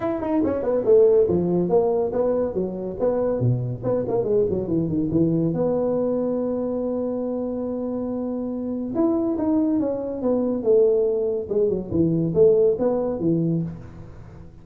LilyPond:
\new Staff \with { instrumentName = "tuba" } { \time 4/4 \tempo 4 = 141 e'8 dis'8 cis'8 b8 a4 f4 | ais4 b4 fis4 b4 | b,4 b8 ais8 gis8 fis8 e8 dis8 | e4 b2.~ |
b1~ | b4 e'4 dis'4 cis'4 | b4 a2 gis8 fis8 | e4 a4 b4 e4 | }